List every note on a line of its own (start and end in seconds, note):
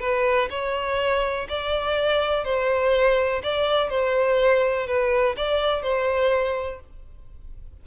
0.00 0.49 B4
0.50 1.47 C#5
1.49 2.44 D5
2.44 3.42 C5
3.43 3.89 D5
3.89 4.87 C5
4.87 5.35 B4
5.37 5.82 D5
5.82 6.80 C5